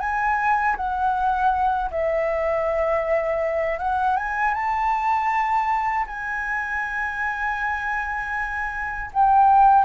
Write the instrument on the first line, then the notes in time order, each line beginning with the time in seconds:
flute
0.00 G#5
0.76 F#5
1.91 E5
3.78 F#5
4.17 G#5
4.54 A5
6.07 G#5
9.13 G5